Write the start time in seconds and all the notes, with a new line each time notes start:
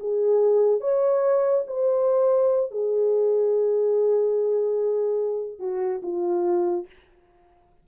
0.00 G#4
0.81 C#5
1.67 C5
2.71 G#4
5.59 F#4
6.03 F4